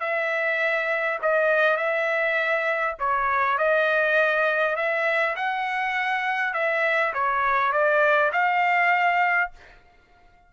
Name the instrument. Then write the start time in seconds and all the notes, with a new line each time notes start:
trumpet
0.00 E5
1.22 D#5
1.77 E5
2.99 C#5
3.58 D#5
4.76 E5
5.36 F#5
6.53 E5
7.14 C#5
7.72 D5
8.32 F5